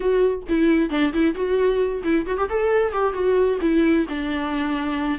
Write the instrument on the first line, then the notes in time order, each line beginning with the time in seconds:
viola
0.00 F#4
0.48 E4
0.90 D4
1.13 E4
1.34 F#4
2.03 E4
2.26 F#4
2.37 G4
2.49 A4
2.92 G4
3.13 F#4
3.61 E4
4.08 D4